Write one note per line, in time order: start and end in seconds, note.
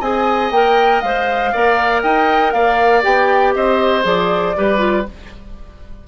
0.00 0.51 C4
0.00 0.53 G#4
0.00 1.51 D#5
0.00 0.52 G#5
0.51 1.02 A#3
0.51 1.04 A#4
0.51 1.02 G5
1.02 1.54 G#3
1.02 1.55 C5
1.02 2.03 F5
1.53 2.03 A#3
1.53 3.03 A#4
1.53 2.03 D5
2.03 2.54 D#4
2.03 2.54 D#5
2.03 2.53 G5
2.53 3.04 A#3
2.53 3.55 D5
2.53 3.03 F5
3.03 3.55 B3
3.03 4.03 G4
3.03 3.55 G5
3.55 4.05 C4
3.55 4.57 C5
3.55 4.06 D#5
4.03 4.55 F3
4.03 4.54 G#4
4.03 5.07 D5
4.57 5.08 G3
4.57 4.79 G4
4.57 5.08 B4
4.79 5.04 F4